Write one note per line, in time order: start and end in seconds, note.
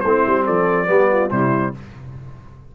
0.00 0.25 A3
0.00 0.44 E4
0.00 0.43 C5
0.06 0.86 C4
0.26 0.48 G3
0.44 0.88 F3
0.44 0.87 A4
0.44 1.30 D5
0.86 1.31 G3
0.86 1.30 B3
0.86 1.11 G4
1.12 1.32 F4
1.30 1.74 C3
1.30 1.74 G3
1.30 1.75 E4
1.30 1.74 C5